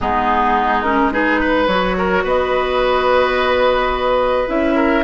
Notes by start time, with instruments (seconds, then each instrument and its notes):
0.00 bassoon G#3, clarinet B3, oboe D#4, flute G#4
0.82 clarinet C#4, flute A#4
1.12 clarinet D#4, oboe G#4, flute B4
1.40 oboe B4
1.67 bassoon F#3, clarinet F#4, flute C#5
1.97 oboe A#4
2.23 bassoon B3, oboe B4, flute D#5
4.47 bassoon C#4, clarinet E4, flute E5
4.75 oboe A#4